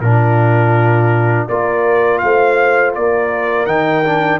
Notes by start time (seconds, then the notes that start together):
0.00 A#2 D4 F4 A#4
1.48 A#3 F4 A#4 D5
2.18 A3 C5 F5
2.94 A#3 A#4 D5
3.66 D#3 D#4 G5
4.04 D4